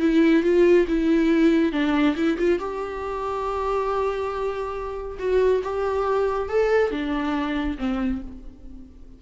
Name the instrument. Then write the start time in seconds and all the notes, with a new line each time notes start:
viola
0.00 E4
0.43 F4
0.88 E4
1.72 D4
2.16 E4
2.38 F4
2.59 G4
5.19 F#4
5.64 G4
6.49 A4
6.91 D4
7.78 C4